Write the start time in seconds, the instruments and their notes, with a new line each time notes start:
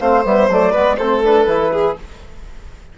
0.00 bassoon A3, trombone C4, violin C5, flute F5
0.25 bassoon G3, trombone B3, flute E5
0.49 bassoon F#3, trombone A3, flute D5
0.72 bassoon G#3, trombone B3, violin B4
0.97 bassoon A3, trombone C4, violin A4, flute C5
1.24 trombone D4, flute B4
1.47 bassoon E3, trombone E4
1.73 violin G#4